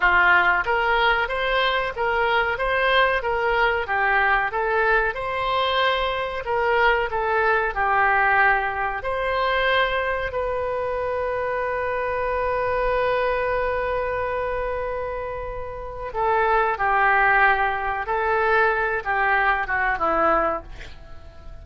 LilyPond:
\new Staff \with { instrumentName = "oboe" } { \time 4/4 \tempo 4 = 93 f'4 ais'4 c''4 ais'4 | c''4 ais'4 g'4 a'4 | c''2 ais'4 a'4 | g'2 c''2 |
b'1~ | b'1~ | b'4 a'4 g'2 | a'4. g'4 fis'8 e'4 | }